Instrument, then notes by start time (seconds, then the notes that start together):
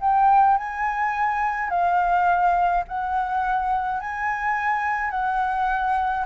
flute
0.00 G5
0.57 G#5
1.70 F5
2.88 F#5
4.00 G#5
5.10 F#5